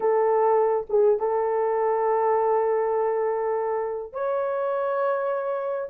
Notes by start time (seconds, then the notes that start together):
0.00 A4
0.89 G#4
1.19 A4
4.12 C#5